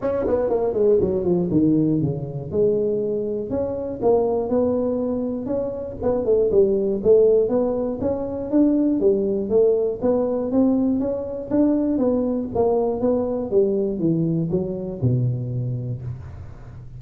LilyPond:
\new Staff \with { instrumentName = "tuba" } { \time 4/4 \tempo 4 = 120 cis'8 b8 ais8 gis8 fis8 f8 dis4 | cis4 gis2 cis'4 | ais4 b2 cis'4 | b8 a8 g4 a4 b4 |
cis'4 d'4 g4 a4 | b4 c'4 cis'4 d'4 | b4 ais4 b4 g4 | e4 fis4 b,2 | }